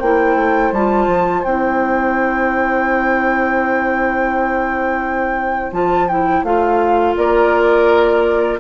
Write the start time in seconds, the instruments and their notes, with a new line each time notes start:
0.00 bassoon A#3, clarinet E4, oboe C5, flute G5
0.36 bassoon A3
0.72 bassoon G3, clarinet F4, flute A5
1.08 bassoon F3
1.44 bassoon C4, clarinet E4, flute G5
5.72 bassoon F3, clarinet F4, flute A5
6.08 clarinet E4, flute G5
6.43 bassoon A3, clarinet F4, flute F5
7.17 bassoon A#3, oboe A#4, flute D5